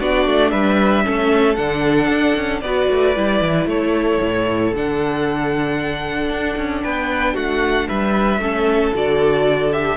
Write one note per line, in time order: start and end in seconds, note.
0.00 0.26 B3
0.00 1.04 D4
0.00 0.51 F#4
0.00 0.50 D5
0.26 0.52 A3
0.50 1.05 G3
0.50 1.04 B4
0.50 1.55 E5
1.04 1.57 A3
1.04 1.56 C#4
1.04 2.63 A4
1.55 2.08 D3
1.55 2.62 D4
1.55 2.60 F#5
2.08 2.34 D4
2.35 2.62 C#4
2.61 2.88 B3
2.61 3.15 F#4
2.61 3.68 B4
2.61 3.66 D5
2.90 3.16 A3
3.15 3.41 G3
3.15 4.73 E4
3.41 3.66 E3
3.66 4.18 A3
3.66 6.84 A4
3.66 4.74 C#5
4.21 4.73 A2
4.73 6.30 D3
4.73 8.41 D4
4.73 6.83 F#5
6.30 6.56 D4
6.57 6.83 C#4
6.83 7.35 B3
6.83 7.34 B4
6.83 7.36 G5
7.34 7.88 A3
7.34 7.86 F#4
7.34 7.88 F#5
7.88 8.38 G3
7.88 8.41 B4
7.88 8.93 E5
8.38 8.91 A3
8.38 8.94 C#4
8.38 9.97 A4
8.94 9.97 D3
8.94 9.72 F#4
8.94 9.73 D5
9.72 9.97 G4
9.72 9.97 E5